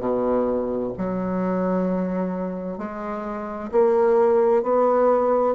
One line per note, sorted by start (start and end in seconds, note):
0.00 0.92 B2
0.98 2.79 F#3
2.79 3.71 G#3
3.72 4.63 A#3
4.63 5.55 B3